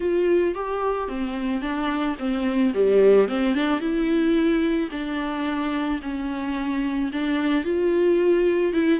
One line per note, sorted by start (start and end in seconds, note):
0.00 0.55 F4
0.55 1.08 G4
1.08 1.61 C4
1.61 2.16 D4
2.18 2.73 C4
2.74 3.28 G3
3.28 3.54 C4
3.54 3.80 D4
3.80 4.89 E4
4.91 6.00 D4
6.02 7.11 C#4
7.12 7.64 D4
7.64 8.73 F4
8.73 9.00 E4